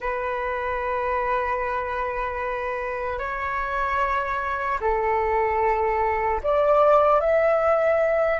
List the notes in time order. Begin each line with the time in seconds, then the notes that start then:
0.00 B4
3.18 C#5
4.80 A4
6.43 D5
7.20 E5